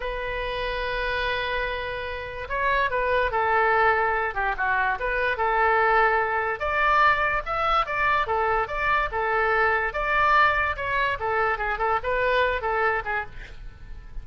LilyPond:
\new Staff \with { instrumentName = "oboe" } { \time 4/4 \tempo 4 = 145 b'1~ | b'2 cis''4 b'4 | a'2~ a'8 g'8 fis'4 | b'4 a'2. |
d''2 e''4 d''4 | a'4 d''4 a'2 | d''2 cis''4 a'4 | gis'8 a'8 b'4. a'4 gis'8 | }